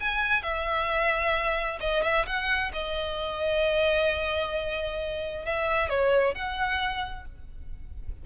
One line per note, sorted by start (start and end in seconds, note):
0.00 0.43 G#5
0.43 1.79 E5
1.80 2.03 D#5
2.03 2.26 E5
2.26 2.72 F#5
2.73 5.45 D#5
5.45 5.89 E5
5.89 6.35 C#5
6.35 7.25 F#5